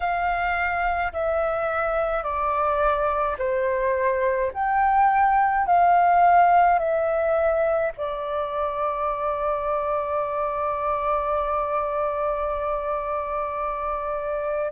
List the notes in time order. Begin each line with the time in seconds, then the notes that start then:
0.00 F5
1.13 E5
2.23 D5
3.38 C5
4.53 G5
5.66 F5
6.79 E5
7.97 D5